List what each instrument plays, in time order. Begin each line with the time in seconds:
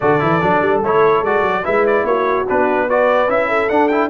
0.00 tuba D3, trombone F#4, horn A4, trumpet D5
0.19 tuba E3, trombone E4
0.41 tuba F#3, trombone D4
0.61 tuba G3
0.82 tuba A3, trombone E4, trumpet C#5
1.21 tuba G#3, trombone F#4, trumpet D5
1.42 tuba F#3
1.63 tuba G#3, trombone E4, horn B4, trumpet E5
1.86 trumpet D5
2.03 tuba A#3, horn F#4, trumpet C#5
2.48 tuba B3, trombone D4, trumpet B4
2.86 trombone F#4, horn B4, trumpet D5
3.28 tuba C#4, trombone E4, trumpet E5
3.48 horn A4
3.69 trombone D4, tuba D4, trumpet F#5
3.87 trombone E4, trumpet G5